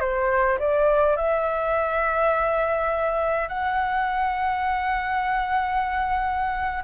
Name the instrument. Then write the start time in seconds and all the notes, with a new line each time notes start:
flute
0.00 C5
0.59 D5
1.17 E5
3.48 F#5